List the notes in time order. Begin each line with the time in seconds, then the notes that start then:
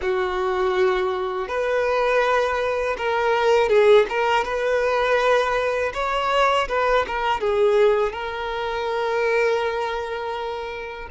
0.01 F#4
1.48 B4
2.97 A#4
3.69 G#4
4.09 A#4
4.44 B4
5.93 C#5
6.68 B4
7.07 A#4
7.40 G#4
8.12 A#4